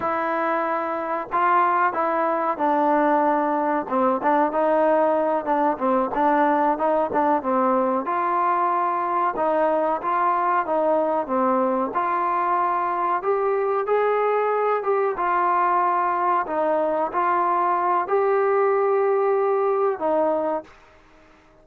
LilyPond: \new Staff \with { instrumentName = "trombone" } { \time 4/4 \tempo 4 = 93 e'2 f'4 e'4 | d'2 c'8 d'8 dis'4~ | dis'8 d'8 c'8 d'4 dis'8 d'8 c'8~ | c'8 f'2 dis'4 f'8~ |
f'8 dis'4 c'4 f'4.~ | f'8 g'4 gis'4. g'8 f'8~ | f'4. dis'4 f'4. | g'2. dis'4 | }